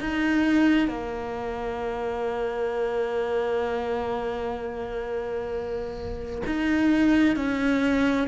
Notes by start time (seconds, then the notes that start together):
0.00 D#4
0.88 A#3
6.46 D#4
7.36 C#4